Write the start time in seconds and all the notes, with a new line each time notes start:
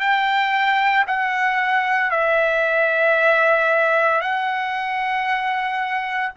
0.00 G5
1.08 F#5
2.11 E5
4.22 F#5